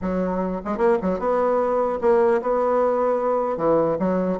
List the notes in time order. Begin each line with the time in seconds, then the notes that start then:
0.01 F#3
0.64 G#3
0.77 A#3
1.02 F#3
1.19 B3
2.01 A#3
2.41 B3
3.57 E3
3.99 F#3